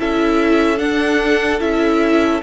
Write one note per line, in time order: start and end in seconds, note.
0.00 0.80 C#4
0.00 0.77 E4
0.00 2.43 A4
0.00 0.79 E5
0.77 1.58 D4
0.77 1.61 D4
0.77 1.60 F#5
1.60 2.42 C#4
1.60 2.41 E4
1.60 2.42 E5